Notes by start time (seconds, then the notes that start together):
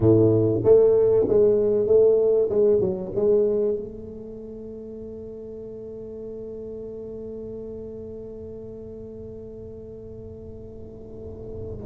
0.00 A2
0.64 A3
1.28 G#3
1.86 A3
2.49 G#3
2.80 F#3
3.15 G#3
3.76 A3